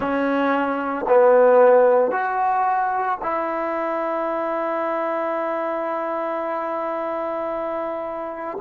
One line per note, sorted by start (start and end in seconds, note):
0.00 1.05 C#4
1.08 2.11 B3
2.11 3.18 F#4
3.21 8.57 E4